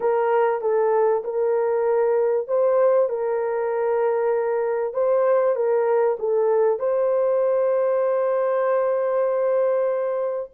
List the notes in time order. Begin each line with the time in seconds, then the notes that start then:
0.00 A#4
0.61 A4
1.24 A#4
2.47 C5
3.09 A#4
4.93 C5
5.55 A#4
6.19 A4
6.79 C5